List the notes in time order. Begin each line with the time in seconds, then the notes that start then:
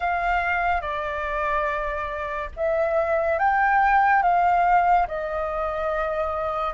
0.00 F5
0.81 D5
2.56 E5
3.38 G5
4.22 F5
5.07 D#5